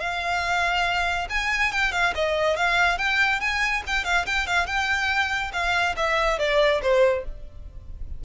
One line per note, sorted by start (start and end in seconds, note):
0.00 1.28 F5
1.29 1.72 G#5
1.72 1.92 G5
1.92 2.13 F5
2.15 2.56 D#5
2.56 2.98 F5
2.98 3.40 G5
3.40 3.83 G#5
3.87 4.04 G5
4.04 4.26 F5
4.26 4.47 G5
4.47 4.66 F5
4.66 5.51 G5
5.53 5.95 F5
5.96 6.38 E5
6.38 6.81 D5
6.82 7.24 C5